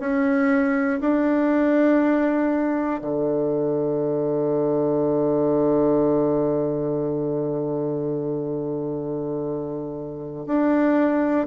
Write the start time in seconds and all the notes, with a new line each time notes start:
0.00 C#4
1.01 D4
3.02 D3
10.47 D4